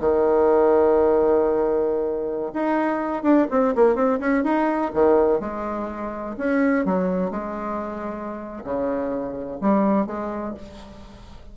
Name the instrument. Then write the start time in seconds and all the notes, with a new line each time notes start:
bassoon
0.00 D#3
2.53 D#4
3.23 D4
3.50 C4
3.75 A#3
3.95 C4
4.19 C#4
4.43 D#4
4.93 D#3
5.40 G#3
6.37 C#4
6.85 F#3
7.31 G#3
8.64 C#3
9.60 G3
10.06 G#3